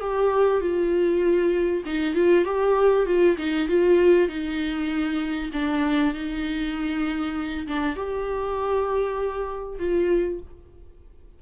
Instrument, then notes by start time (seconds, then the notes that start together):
viola
0.00 G4
0.61 F4
1.85 D#4
2.15 F4
2.44 G4
3.06 F4
3.37 D#4
3.68 F4
4.28 D#4
5.53 D4
6.14 D#4
7.67 D4
7.96 G4
9.78 F4